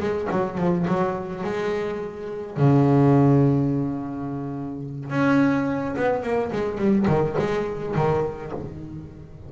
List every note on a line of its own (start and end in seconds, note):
0.00 0.28 G#3
0.31 0.58 F#3
0.58 0.86 F3
0.88 1.44 F#3
1.44 2.57 G#3
2.57 5.10 C#3
5.10 5.95 C#4
5.96 6.23 B3
6.23 6.51 A#3
6.52 6.78 G#3
6.78 7.06 G3
7.08 7.36 D#3
7.39 7.95 G#3
7.96 8.52 D#3